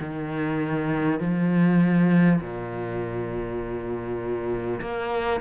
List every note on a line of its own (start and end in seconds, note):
0.00 1.20 D#3
1.20 2.40 F3
2.41 4.81 A#2
4.81 5.41 A#3